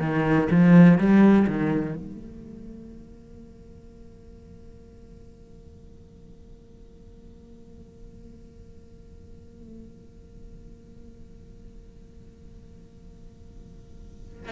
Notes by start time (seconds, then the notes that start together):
0.00 D#3
0.51 F3
0.98 G3
1.47 D#3
1.96 A#3